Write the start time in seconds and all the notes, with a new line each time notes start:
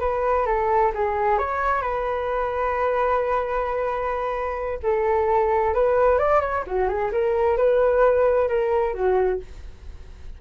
0.00 B4
0.46 A4
0.95 G#4
1.38 C#5
1.81 B4
4.83 A4
5.74 B4
6.19 D5
6.41 C#5
6.67 F#4
6.88 G#4
7.12 A#4
7.57 B4
8.48 A#4
8.94 F#4